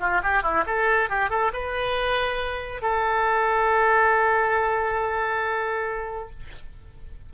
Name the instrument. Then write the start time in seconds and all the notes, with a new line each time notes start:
oboe
0.00 F4
0.23 G4
0.43 E4
0.67 A4
1.10 G4
1.30 A4
1.53 B4
2.82 A4